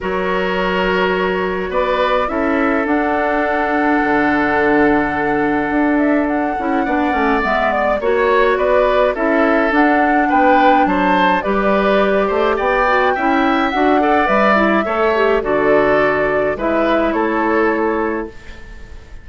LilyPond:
<<
  \new Staff \with { instrumentName = "flute" } { \time 4/4 \tempo 4 = 105 cis''2. d''4 | e''4 fis''2.~ | fis''2~ fis''8 e''8 fis''4~ | fis''4 e''8 d''8 cis''4 d''4 |
e''4 fis''4 g''4 a''4 | d''2 g''2 | fis''4 e''2 d''4~ | d''4 e''4 cis''2 | }
  \new Staff \with { instrumentName = "oboe" } { \time 4/4 ais'2. b'4 | a'1~ | a'1 | d''2 cis''4 b'4 |
a'2 b'4 c''4 | b'4. c''8 d''4 e''4~ | e''8 d''4. cis''4 a'4~ | a'4 b'4 a'2 | }
  \new Staff \with { instrumentName = "clarinet" } { \time 4/4 fis'1 | e'4 d'2.~ | d'2.~ d'8 e'8 | d'8 cis'8 b4 fis'2 |
e'4 d'2. | g'2~ g'8 fis'8 e'4 | fis'8 a'8 b'8 e'8 a'8 g'8 fis'4~ | fis'4 e'2. | }
  \new Staff \with { instrumentName = "bassoon" } { \time 4/4 fis2. b4 | cis'4 d'2 d4~ | d2 d'4. cis'8 | b8 a8 gis4 ais4 b4 |
cis'4 d'4 b4 fis4 | g4. a8 b4 cis'4 | d'4 g4 a4 d4~ | d4 gis4 a2 | }
>>